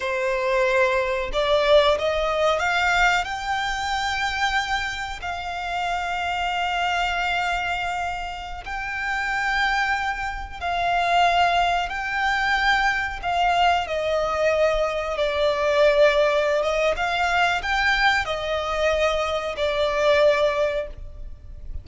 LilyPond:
\new Staff \with { instrumentName = "violin" } { \time 4/4 \tempo 4 = 92 c''2 d''4 dis''4 | f''4 g''2. | f''1~ | f''4~ f''16 g''2~ g''8.~ |
g''16 f''2 g''4.~ g''16~ | g''16 f''4 dis''2 d''8.~ | d''4. dis''8 f''4 g''4 | dis''2 d''2 | }